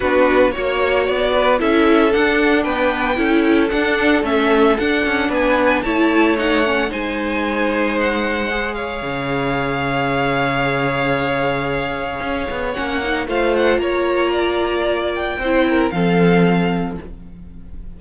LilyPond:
<<
  \new Staff \with { instrumentName = "violin" } { \time 4/4 \tempo 4 = 113 b'4 cis''4 d''4 e''4 | fis''4 g''2 fis''4 | e''4 fis''4 gis''4 a''4 | fis''4 gis''2 fis''4~ |
fis''8 f''2.~ f''8~ | f''1 | fis''4 f''8 fis''8 ais''2~ | ais''8 g''4. f''2 | }
  \new Staff \with { instrumentName = "violin" } { \time 4/4 fis'4 cis''4. b'8 a'4~ | a'4 b'4 a'2~ | a'2 b'4 cis''4~ | cis''4 c''2.~ |
c''8 cis''2.~ cis''8~ | cis''1~ | cis''4 c''4 cis''4 d''4~ | d''4 c''8 ais'8 a'2 | }
  \new Staff \with { instrumentName = "viola" } { \time 4/4 d'4 fis'2 e'4 | d'2 e'4 d'4 | cis'4 d'2 e'4 | dis'8 cis'8 dis'2. |
gis'1~ | gis'1 | cis'8 dis'8 f'2.~ | f'4 e'4 c'2 | }
  \new Staff \with { instrumentName = "cello" } { \time 4/4 b4 ais4 b4 cis'4 | d'4 b4 cis'4 d'4 | a4 d'8 cis'8 b4 a4~ | a4 gis2.~ |
gis4 cis2.~ | cis2. cis'8 b8 | ais4 a4 ais2~ | ais4 c'4 f2 | }
>>